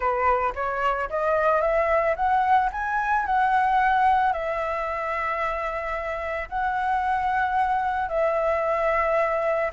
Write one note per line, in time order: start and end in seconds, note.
0.00 0.53 B4
0.55 1.09 C#5
1.09 1.61 D#5
1.61 2.15 E5
2.16 2.70 F#5
2.72 3.26 G#5
3.26 4.32 F#5
4.32 6.48 E5
6.49 8.08 F#5
8.08 9.70 E5